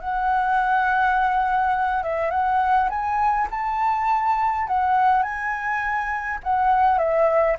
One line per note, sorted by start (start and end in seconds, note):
0.00 2.03 F#5
2.03 2.30 E5
2.30 2.89 F#5
2.89 3.47 G#5
3.51 4.67 A5
4.67 5.23 F#5
5.23 6.39 G#5
6.43 6.98 F#5
6.98 7.56 E5